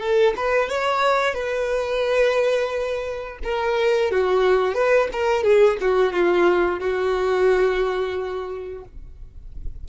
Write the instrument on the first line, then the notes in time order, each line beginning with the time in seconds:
violin
0.00 A4
0.37 B4
0.69 C#5
1.34 B4
3.44 A#4
4.11 F#4
4.74 B4
5.13 A#4
5.44 G#4
5.81 F#4
6.13 F4
6.80 F#4